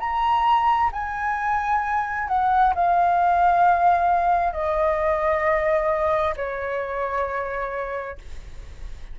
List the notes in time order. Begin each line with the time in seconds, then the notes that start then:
0.00 A#5
0.93 G#5
2.29 F#5
2.75 F5
4.53 D#5
6.36 C#5